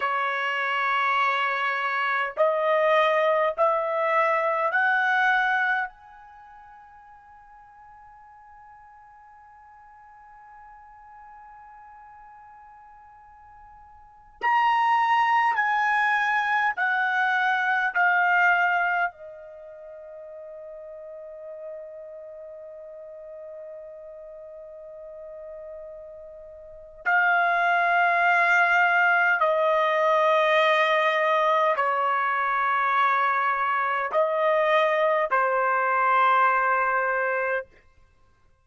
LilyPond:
\new Staff \with { instrumentName = "trumpet" } { \time 4/4 \tempo 4 = 51 cis''2 dis''4 e''4 | fis''4 gis''2.~ | gis''1~ | gis''16 ais''4 gis''4 fis''4 f''8.~ |
f''16 dis''2.~ dis''8.~ | dis''2. f''4~ | f''4 dis''2 cis''4~ | cis''4 dis''4 c''2 | }